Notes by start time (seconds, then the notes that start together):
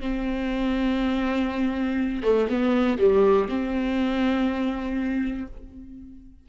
0.00 C4
2.23 A3
2.48 B3
2.98 G3
3.48 C4